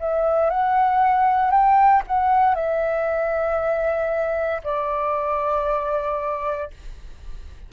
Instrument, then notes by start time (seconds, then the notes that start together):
flute
0.00 E5
0.50 F#5
1.51 G5
2.07 F#5
2.55 E5
4.64 D5